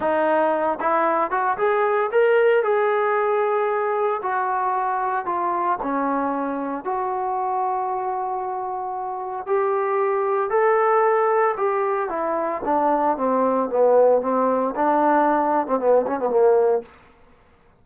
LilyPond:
\new Staff \with { instrumentName = "trombone" } { \time 4/4 \tempo 4 = 114 dis'4. e'4 fis'8 gis'4 | ais'4 gis'2. | fis'2 f'4 cis'4~ | cis'4 fis'2.~ |
fis'2 g'2 | a'2 g'4 e'4 | d'4 c'4 b4 c'4 | d'4.~ d'16 c'16 b8 cis'16 b16 ais4 | }